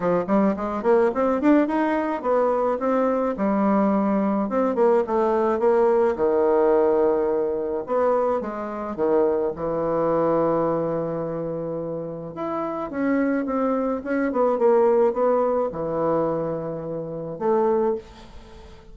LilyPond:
\new Staff \with { instrumentName = "bassoon" } { \time 4/4 \tempo 4 = 107 f8 g8 gis8 ais8 c'8 d'8 dis'4 | b4 c'4 g2 | c'8 ais8 a4 ais4 dis4~ | dis2 b4 gis4 |
dis4 e2.~ | e2 e'4 cis'4 | c'4 cis'8 b8 ais4 b4 | e2. a4 | }